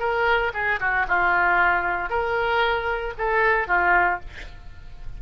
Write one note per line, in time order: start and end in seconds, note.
0.00 0.52 A#4
0.54 0.80 G#4
0.80 1.06 F#4
1.08 2.10 F4
2.10 3.14 A#4
3.18 3.68 A4
3.68 4.20 F4